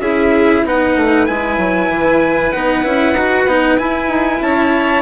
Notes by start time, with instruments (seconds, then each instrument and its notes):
0.00 bassoon C#4, cello E4, violin G#4, trumpet E5
0.65 bassoon B3, cello D#4, violin B4, trumpet F#5
0.96 bassoon A3
1.26 bassoon G#3, cello E4, trumpet G#5
1.57 bassoon F#3
1.89 bassoon E3
2.52 bassoon B3, cello D#4, trumpet F#5
2.84 bassoon C#4, cello E4
3.14 bassoon D#4, cello F#4
3.46 bassoon B3, cello D#4
3.77 cello E4, bassoon E4, trumpet G#5
4.08 bassoon D#4
4.41 bassoon C#4, violin C#5, trumpet A5